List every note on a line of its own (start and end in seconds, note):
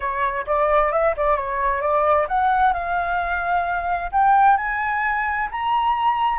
0.00 0.45 C#5
0.46 0.92 D5
0.92 1.15 E5
1.16 1.36 D5
1.36 1.81 C#5
1.81 2.27 D5
2.28 2.73 F#5
2.73 4.10 F5
4.12 4.57 G5
4.57 5.48 G#5
5.51 6.39 A#5